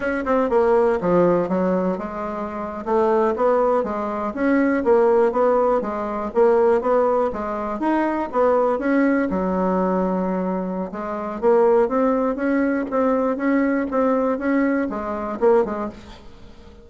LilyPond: \new Staff \with { instrumentName = "bassoon" } { \time 4/4 \tempo 4 = 121 cis'8 c'8 ais4 f4 fis4 | gis4.~ gis16 a4 b4 gis16~ | gis8. cis'4 ais4 b4 gis16~ | gis8. ais4 b4 gis4 dis'16~ |
dis'8. b4 cis'4 fis4~ fis16~ | fis2 gis4 ais4 | c'4 cis'4 c'4 cis'4 | c'4 cis'4 gis4 ais8 gis8 | }